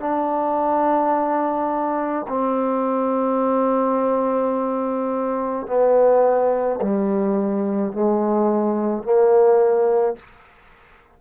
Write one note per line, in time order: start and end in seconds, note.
0.00 2.26 D4
2.28 5.67 C4
5.67 6.80 B3
6.82 7.93 G3
7.93 9.04 G#3
9.04 10.17 A#3